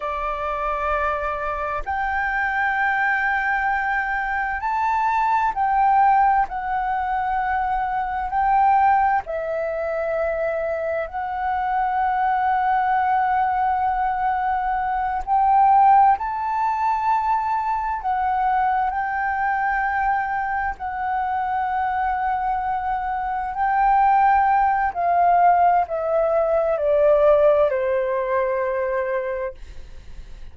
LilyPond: \new Staff \with { instrumentName = "flute" } { \time 4/4 \tempo 4 = 65 d''2 g''2~ | g''4 a''4 g''4 fis''4~ | fis''4 g''4 e''2 | fis''1~ |
fis''8 g''4 a''2 fis''8~ | fis''8 g''2 fis''4.~ | fis''4. g''4. f''4 | e''4 d''4 c''2 | }